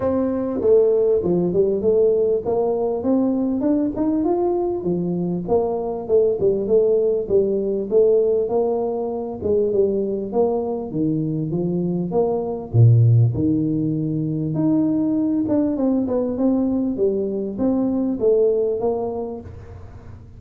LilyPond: \new Staff \with { instrumentName = "tuba" } { \time 4/4 \tempo 4 = 99 c'4 a4 f8 g8 a4 | ais4 c'4 d'8 dis'8 f'4 | f4 ais4 a8 g8 a4 | g4 a4 ais4. gis8 |
g4 ais4 dis4 f4 | ais4 ais,4 dis2 | dis'4. d'8 c'8 b8 c'4 | g4 c'4 a4 ais4 | }